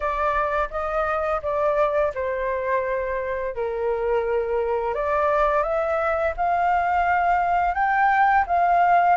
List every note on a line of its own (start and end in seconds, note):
0.00 0.68 D5
0.70 1.41 D#5
1.42 2.12 D5
2.14 3.55 C5
3.55 4.94 A#4
4.94 5.62 D5
5.62 6.33 E5
6.36 7.74 F5
7.74 8.44 G5
8.46 9.16 F5